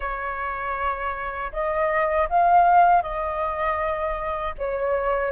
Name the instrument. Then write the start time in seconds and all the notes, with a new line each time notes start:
flute
0.00 C#5
1.52 D#5
2.29 F5
3.02 D#5
4.58 C#5